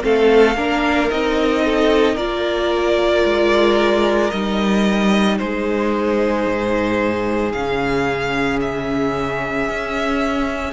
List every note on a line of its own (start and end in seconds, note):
0.00 0.56 A3
0.00 0.54 C4
0.00 0.56 A4
0.00 1.10 F5
0.56 1.09 A#3
0.56 1.10 D4
0.56 1.64 A#4
1.10 2.17 C4
1.10 2.17 D#4
1.10 2.17 D#5
1.64 2.14 A4
2.14 3.24 A#3
2.14 4.31 F4
2.14 5.36 A#4
2.14 4.30 D5
3.24 4.31 G#3
4.30 5.39 G3
4.30 7.54 D#4
4.30 5.37 D#5
5.37 6.46 G#3
5.37 10.72 G#4
5.37 7.52 C5
6.46 7.53 G#2
7.52 9.69 C#3
7.52 10.72 C#4
7.52 8.59 F5
8.60 10.72 E5
9.69 10.72 C#4